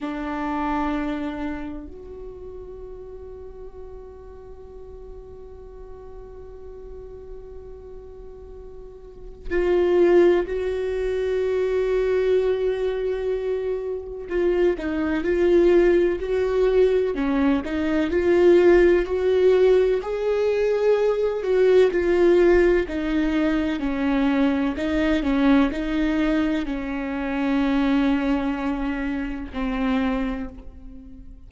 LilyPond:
\new Staff \with { instrumentName = "viola" } { \time 4/4 \tempo 4 = 63 d'2 fis'2~ | fis'1~ | fis'2 f'4 fis'4~ | fis'2. f'8 dis'8 |
f'4 fis'4 cis'8 dis'8 f'4 | fis'4 gis'4. fis'8 f'4 | dis'4 cis'4 dis'8 cis'8 dis'4 | cis'2. c'4 | }